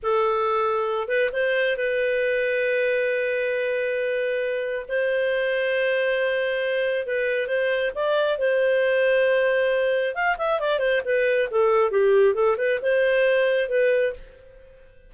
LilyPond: \new Staff \with { instrumentName = "clarinet" } { \time 4/4 \tempo 4 = 136 a'2~ a'8 b'8 c''4 | b'1~ | b'2. c''4~ | c''1 |
b'4 c''4 d''4 c''4~ | c''2. f''8 e''8 | d''8 c''8 b'4 a'4 g'4 | a'8 b'8 c''2 b'4 | }